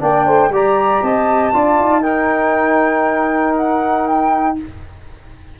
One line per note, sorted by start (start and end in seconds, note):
0.00 0.27 A#3
0.00 0.51 D4
0.00 0.25 D5
0.00 0.53 G5
0.25 0.50 A3
0.25 0.51 C5
0.50 1.01 G3
0.50 1.53 G4
0.50 1.03 D5
0.50 1.04 A#5
1.02 1.53 C4
1.02 1.53 D#5
1.02 2.03 A5
1.53 1.80 D4
1.53 2.03 F4
1.53 2.01 D5
1.80 4.60 D#4
2.01 4.57 D#4
2.01 4.56 A#4
2.01 3.56 G5
3.57 4.08 F#5
4.08 4.58 G5